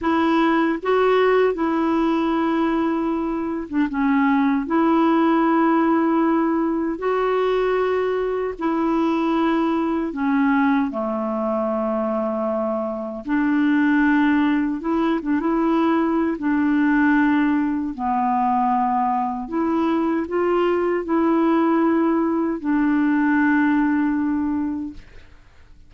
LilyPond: \new Staff \with { instrumentName = "clarinet" } { \time 4/4 \tempo 4 = 77 e'4 fis'4 e'2~ | e'8. d'16 cis'4 e'2~ | e'4 fis'2 e'4~ | e'4 cis'4 a2~ |
a4 d'2 e'8 d'16 e'16~ | e'4 d'2 b4~ | b4 e'4 f'4 e'4~ | e'4 d'2. | }